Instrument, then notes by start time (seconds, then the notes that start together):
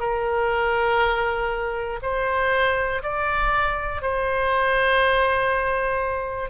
oboe
0.00 A#4
2.03 C5
3.03 D5
4.02 C5